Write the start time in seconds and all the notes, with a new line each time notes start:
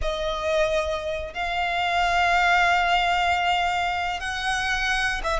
0.01 D#5
1.33 F5
4.20 F#5
5.23 E5